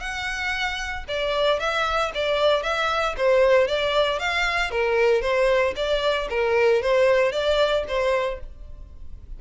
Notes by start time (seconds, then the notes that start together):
0.00 F#5
1.08 D5
1.60 E5
2.15 D5
2.63 E5
3.17 C5
3.68 D5
4.19 F5
4.71 A#4
5.22 C5
5.76 D5
6.30 A#4
6.82 C5
7.32 D5
7.88 C5